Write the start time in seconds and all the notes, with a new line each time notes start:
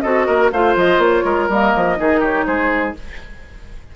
0.00 C4 F#4 A4 D#5
0.26 A#3 A#4
0.52 A3 F4 C5 F5
0.76 F3 D#5
0.98 A#3 C#5
1.24 G#3 A#4
1.49 G3 A#3 D#5
1.76 F3
1.96 D#3 D#4 G#4
2.20 G4 C#5
2.46 G#3 G#4 C5